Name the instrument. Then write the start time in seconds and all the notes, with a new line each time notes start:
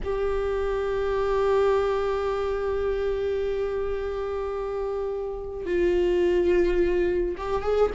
viola
0.04 G4
5.66 F4
7.37 G4
7.62 G#4